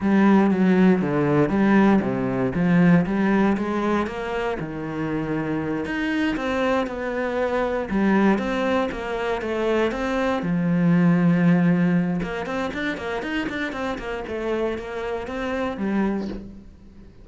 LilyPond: \new Staff \with { instrumentName = "cello" } { \time 4/4 \tempo 4 = 118 g4 fis4 d4 g4 | c4 f4 g4 gis4 | ais4 dis2~ dis8 dis'8~ | dis'8 c'4 b2 g8~ |
g8 c'4 ais4 a4 c'8~ | c'8 f2.~ f8 | ais8 c'8 d'8 ais8 dis'8 d'8 c'8 ais8 | a4 ais4 c'4 g4 | }